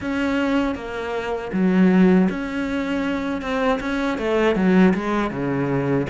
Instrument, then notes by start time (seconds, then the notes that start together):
cello
0.00 C#4
0.75 A#3
1.52 F#3
2.29 C#4
3.41 C4
3.79 C#4
4.18 A3
4.55 F#3
4.94 G#3
5.31 C#3